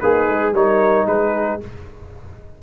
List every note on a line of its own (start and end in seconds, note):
0.00 0.28 A#3
0.00 0.53 D#4
0.00 0.55 G#4
0.00 0.53 B4
0.28 0.52 G#3
0.52 1.05 G3
0.52 1.61 D#4
0.52 1.07 A#4
0.52 1.07 C#5
1.06 1.60 G#3
1.06 1.62 G#4
1.06 1.60 B4